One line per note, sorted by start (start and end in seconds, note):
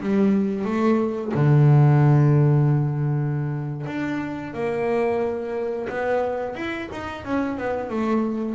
0.00 0.64 G3
0.64 1.32 A3
1.34 3.86 D3
3.86 4.53 D4
4.53 5.88 A#3
5.89 6.55 B3
6.55 6.89 E4
6.91 7.25 D#4
7.25 7.57 C#4
7.57 7.89 B3
7.89 8.54 A3